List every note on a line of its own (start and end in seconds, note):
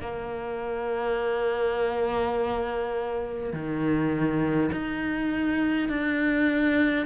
0.00 3.52 A#3
3.52 4.70 D#3
4.72 5.88 D#4
5.88 7.05 D4